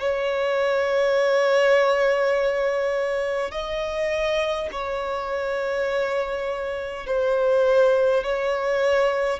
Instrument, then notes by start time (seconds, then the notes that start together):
violin
0.00 C#5
3.51 D#5
4.72 C#5
7.06 C5
8.24 C#5